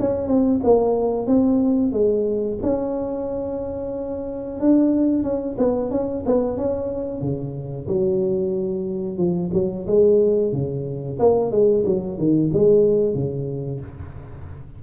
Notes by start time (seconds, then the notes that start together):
0.00 C#4
0.28 C4
0.64 A#3
1.27 C4
1.93 G#3
2.63 C#4
4.61 D4
5.24 C#4
5.59 B3
5.92 C#4
6.26 B3
6.58 C#4
7.22 C#3
7.89 F#3
9.18 F3
9.54 F#3
9.88 G#3
10.53 C#3
11.20 A#3
11.52 G#3
11.86 F#3
12.18 D#3
12.54 G#3
13.15 C#3